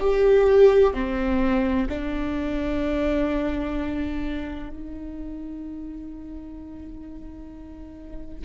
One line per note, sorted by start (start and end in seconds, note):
0.00 0.94 G4
0.94 1.87 C4
1.89 4.70 D4
4.70 8.45 D#4